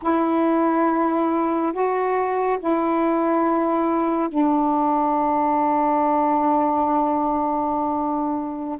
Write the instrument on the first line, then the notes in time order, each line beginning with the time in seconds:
saxophone
0.02 E4
1.72 F#4
2.59 E4
4.29 D4